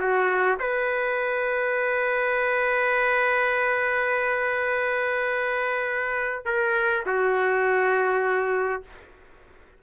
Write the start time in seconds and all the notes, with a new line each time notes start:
0.00 F#4
0.60 B4
6.46 A#4
7.06 F#4